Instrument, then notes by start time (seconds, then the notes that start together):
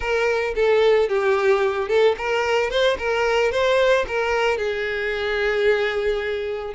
violin
0.00 A#4
0.55 A4
1.08 G4
1.88 A4
2.17 A#4
2.70 C5
2.98 A#4
3.51 C5
4.07 A#4
4.57 G#4